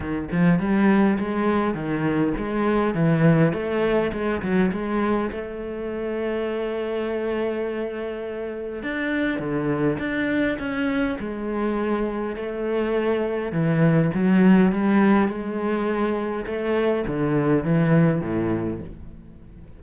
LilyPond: \new Staff \with { instrumentName = "cello" } { \time 4/4 \tempo 4 = 102 dis8 f8 g4 gis4 dis4 | gis4 e4 a4 gis8 fis8 | gis4 a2.~ | a2. d'4 |
d4 d'4 cis'4 gis4~ | gis4 a2 e4 | fis4 g4 gis2 | a4 d4 e4 a,4 | }